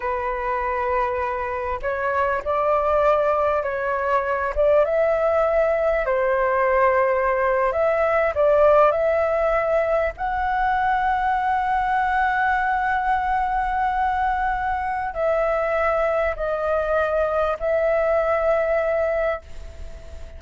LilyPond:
\new Staff \with { instrumentName = "flute" } { \time 4/4 \tempo 4 = 99 b'2. cis''4 | d''2 cis''4. d''8 | e''2 c''2~ | c''8. e''4 d''4 e''4~ e''16~ |
e''8. fis''2.~ fis''16~ | fis''1~ | fis''4 e''2 dis''4~ | dis''4 e''2. | }